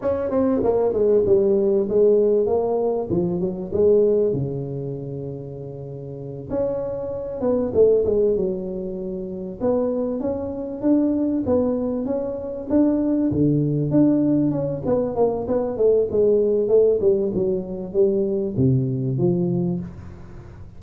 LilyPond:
\new Staff \with { instrumentName = "tuba" } { \time 4/4 \tempo 4 = 97 cis'8 c'8 ais8 gis8 g4 gis4 | ais4 f8 fis8 gis4 cis4~ | cis2~ cis8 cis'4. | b8 a8 gis8 fis2 b8~ |
b8 cis'4 d'4 b4 cis'8~ | cis'8 d'4 d4 d'4 cis'8 | b8 ais8 b8 a8 gis4 a8 g8 | fis4 g4 c4 f4 | }